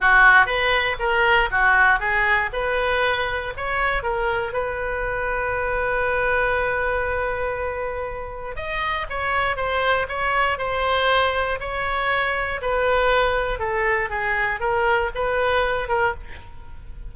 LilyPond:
\new Staff \with { instrumentName = "oboe" } { \time 4/4 \tempo 4 = 119 fis'4 b'4 ais'4 fis'4 | gis'4 b'2 cis''4 | ais'4 b'2.~ | b'1~ |
b'4 dis''4 cis''4 c''4 | cis''4 c''2 cis''4~ | cis''4 b'2 a'4 | gis'4 ais'4 b'4. ais'8 | }